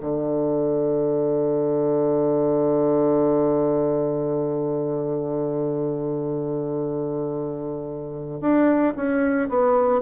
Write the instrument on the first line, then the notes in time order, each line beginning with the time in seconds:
bassoon
0.00 D3
8.41 D4
8.96 C#4
9.49 B3